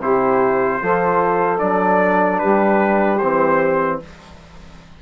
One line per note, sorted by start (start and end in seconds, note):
0.00 0.80 C3
0.00 0.82 E4
0.00 0.81 G4
0.00 1.59 C5
0.81 1.62 F3
0.81 1.59 F4
0.81 2.40 A4
1.59 2.42 F#3
1.59 3.19 D4
1.59 2.39 D5
2.39 3.22 G3
2.39 4.00 G4
2.39 3.18 B4
3.18 4.02 E3
3.18 4.02 C4
3.18 3.98 C5